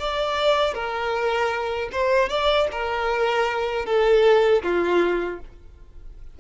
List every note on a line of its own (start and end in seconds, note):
0.00 0.74 D5
0.74 1.90 A#4
1.92 2.29 C5
2.29 2.68 D5
2.72 3.86 A#4
3.86 4.63 A4
4.63 5.40 F4